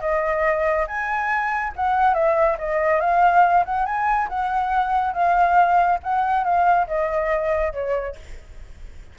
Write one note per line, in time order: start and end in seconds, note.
0.00 0.86 D#5
0.87 1.72 G#5
1.76 2.14 F#5
2.14 2.57 E5
2.58 3.00 D#5
3.00 3.64 F5
3.65 3.85 F#5
3.85 4.28 G#5
4.29 5.13 F#5
5.13 5.98 F5
6.03 6.44 F#5
6.44 6.87 F5
6.87 7.72 D#5
7.72 8.15 C#5